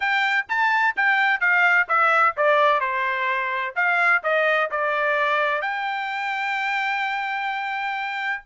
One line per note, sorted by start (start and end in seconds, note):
0.00 0.46 G5
0.48 0.95 A5
0.96 1.40 G5
1.40 1.87 F5
1.88 2.35 E5
2.37 2.80 D5
2.80 3.74 C5
3.75 4.22 F5
4.23 4.70 D#5
4.70 5.61 D5
5.61 8.42 G5